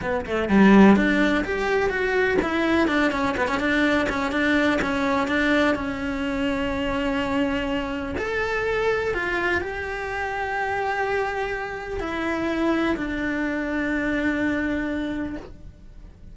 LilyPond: \new Staff \with { instrumentName = "cello" } { \time 4/4 \tempo 4 = 125 b8 a8 g4 d'4 g'4 | fis'4 e'4 d'8 cis'8 b16 cis'16 d'8~ | d'8 cis'8 d'4 cis'4 d'4 | cis'1~ |
cis'4 a'2 f'4 | g'1~ | g'4 e'2 d'4~ | d'1 | }